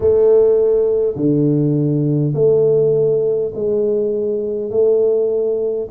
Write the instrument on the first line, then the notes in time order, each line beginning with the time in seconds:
tuba
0.00 A3
1.16 D3
2.34 A3
3.55 G#3
4.70 A3